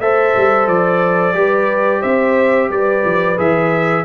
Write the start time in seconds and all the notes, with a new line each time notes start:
0.00 A3 A4 C5 E5
0.36 G3
0.67 F3 D5
1.34 G3 G4 B4
2.01 C4 C5 E5
2.70 G3 B4 D5
3.05 F3
3.37 E3 G#4 E5